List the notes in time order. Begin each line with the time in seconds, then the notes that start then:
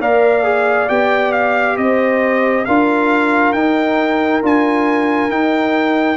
0.00 A#3 A#4 D5 F5
0.43 G#4
0.89 B3 G4 G5
1.32 F5
1.77 C4 C5 D#5
2.65 D4 F4 A#4 F5
3.53 D#4 G5
4.42 D4 F4 G#5
5.29 D#4 G5